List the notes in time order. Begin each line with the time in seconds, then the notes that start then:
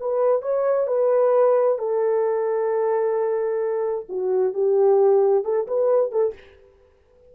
0.00 B4
0.42 C#5
0.87 B4
1.79 A4
4.09 F#4
4.54 G4
5.44 A4
5.67 B4
6.12 A4